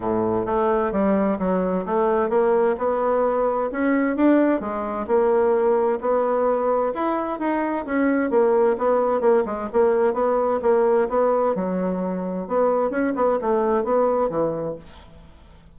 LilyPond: \new Staff \with { instrumentName = "bassoon" } { \time 4/4 \tempo 4 = 130 a,4 a4 g4 fis4 | a4 ais4 b2 | cis'4 d'4 gis4 ais4~ | ais4 b2 e'4 |
dis'4 cis'4 ais4 b4 | ais8 gis8 ais4 b4 ais4 | b4 fis2 b4 | cis'8 b8 a4 b4 e4 | }